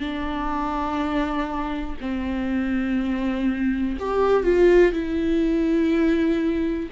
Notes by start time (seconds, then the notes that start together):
0.00 D4
2.01 C4
4.00 G4
4.44 F4
4.93 E4